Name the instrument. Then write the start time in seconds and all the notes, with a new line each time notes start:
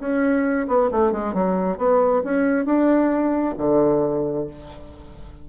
bassoon
0.00 C#4
0.68 B3
0.92 A3
1.13 G#3
1.34 F#3
1.78 B3
2.25 C#4
2.66 D4
3.58 D3